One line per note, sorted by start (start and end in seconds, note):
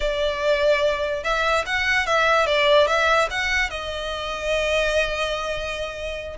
0.00 1.23 D5
1.23 1.64 E5
1.66 2.06 F#5
2.06 2.46 E5
2.46 2.87 D5
2.87 3.28 E5
3.30 3.70 F#5
3.70 6.37 D#5